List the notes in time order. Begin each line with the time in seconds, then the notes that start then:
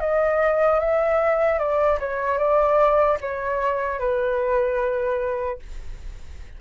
0.00 D#5
0.80 E5
1.59 D5
2.00 C#5
2.38 D5
3.21 C#5
3.99 B4